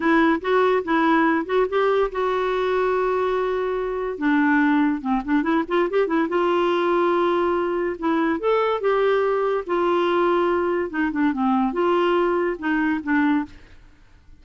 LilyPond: \new Staff \with { instrumentName = "clarinet" } { \time 4/4 \tempo 4 = 143 e'4 fis'4 e'4. fis'8 | g'4 fis'2.~ | fis'2 d'2 | c'8 d'8 e'8 f'8 g'8 e'8 f'4~ |
f'2. e'4 | a'4 g'2 f'4~ | f'2 dis'8 d'8 c'4 | f'2 dis'4 d'4 | }